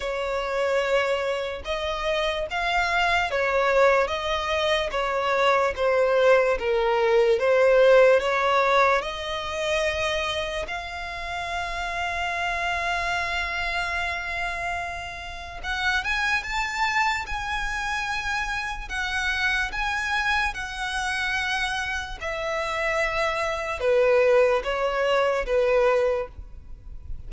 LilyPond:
\new Staff \with { instrumentName = "violin" } { \time 4/4 \tempo 4 = 73 cis''2 dis''4 f''4 | cis''4 dis''4 cis''4 c''4 | ais'4 c''4 cis''4 dis''4~ | dis''4 f''2.~ |
f''2. fis''8 gis''8 | a''4 gis''2 fis''4 | gis''4 fis''2 e''4~ | e''4 b'4 cis''4 b'4 | }